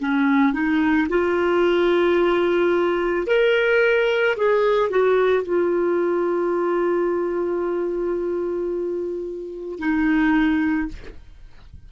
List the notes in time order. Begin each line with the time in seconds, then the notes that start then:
0.00 C#4
0.53 D#4
1.09 F4
3.27 A#4
4.36 G#4
4.90 F#4
5.43 F4
9.79 D#4